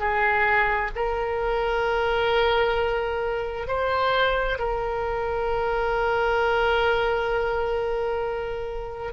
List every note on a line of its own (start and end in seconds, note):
0.00 0.91 G#4
0.96 3.68 A#4
3.68 4.59 C5
4.59 9.14 A#4